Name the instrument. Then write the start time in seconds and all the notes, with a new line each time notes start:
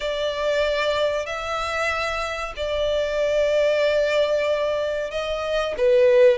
violin
0.00 D5
1.26 E5
2.56 D5
5.10 D#5
5.77 B4